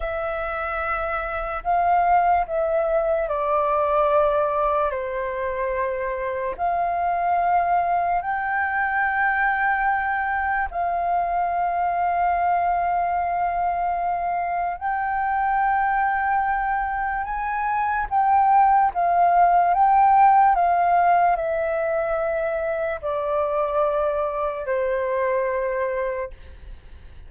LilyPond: \new Staff \with { instrumentName = "flute" } { \time 4/4 \tempo 4 = 73 e''2 f''4 e''4 | d''2 c''2 | f''2 g''2~ | g''4 f''2.~ |
f''2 g''2~ | g''4 gis''4 g''4 f''4 | g''4 f''4 e''2 | d''2 c''2 | }